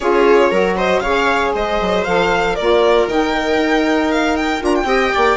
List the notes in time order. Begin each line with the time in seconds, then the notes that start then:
0.00 C#4 F4 G#4 C#5
0.51 F#3 F#4 A#4
0.76 C5 D#5
1.00 C#3 G#4 C#5 F5
1.53 G#3 C5 D#5
1.80 F#3
2.04 F3 A4 F5
2.53 A#4 D5
2.60 A#3 F4
3.07 D#3 D#4 G5
3.57 D#4
4.11 F5
4.36 G5
4.61 D4 F4 A#5
4.75 G5
4.84 C4 G4 D#5
5.13 A#3 D5